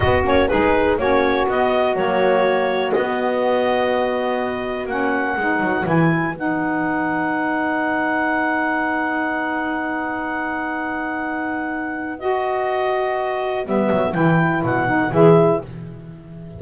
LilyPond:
<<
  \new Staff \with { instrumentName = "clarinet" } { \time 4/4 \tempo 4 = 123 dis''8 cis''8 b'4 cis''4 dis''4 | cis''2 dis''2~ | dis''2 fis''2 | gis''4 fis''2.~ |
fis''1~ | fis''1~ | fis''4 dis''2. | e''4 g''4 fis''4 e''4 | }
  \new Staff \with { instrumentName = "saxophone" } { \time 4/4 fis'4 gis'4 fis'2~ | fis'1~ | fis'2. b'4~ | b'1~ |
b'1~ | b'1~ | b'1~ | b'2~ b'8. a'16 gis'4 | }
  \new Staff \with { instrumentName = "saxophone" } { \time 4/4 b8 cis'8 dis'4 cis'4 b4 | ais2 b2~ | b2 cis'4 dis'4 | e'4 dis'2.~ |
dis'1~ | dis'1~ | dis'4 fis'2. | b4 e'4. dis'8 e'4 | }
  \new Staff \with { instrumentName = "double bass" } { \time 4/4 b8 ais8 gis4 ais4 b4 | fis2 b2~ | b2 ais4 gis8 fis8 | e4 b2.~ |
b1~ | b1~ | b1 | g8 fis8 e4 b,4 e4 | }
>>